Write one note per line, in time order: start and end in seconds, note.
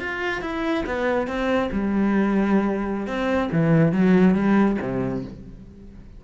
0.00 0.42 F4
0.42 0.84 E4
0.86 1.27 B3
1.27 1.70 C4
1.72 3.07 G3
3.07 3.50 C4
3.52 3.92 E3
3.92 4.35 F#3
4.35 4.77 G3
4.82 5.24 C3